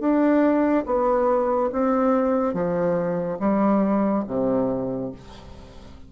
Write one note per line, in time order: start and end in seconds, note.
0.00 0.85 D4
0.86 1.70 B3
1.72 2.54 C4
2.54 3.38 F3
3.39 4.24 G3
4.28 5.12 C3